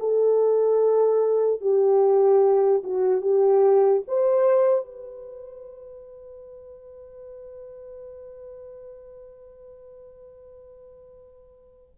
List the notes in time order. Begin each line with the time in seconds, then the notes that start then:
0.00 A4
1.61 G4
2.84 F#4
3.22 G4
4.08 C5
4.86 B4